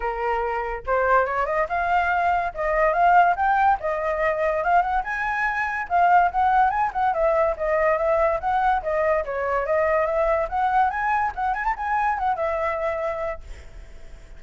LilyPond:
\new Staff \with { instrumentName = "flute" } { \time 4/4 \tempo 4 = 143 ais'2 c''4 cis''8 dis''8 | f''2 dis''4 f''4 | g''4 dis''2 f''8 fis''8 | gis''2 f''4 fis''4 |
gis''8 fis''8 e''4 dis''4 e''4 | fis''4 dis''4 cis''4 dis''4 | e''4 fis''4 gis''4 fis''8 gis''16 a''16 | gis''4 fis''8 e''2~ e''8 | }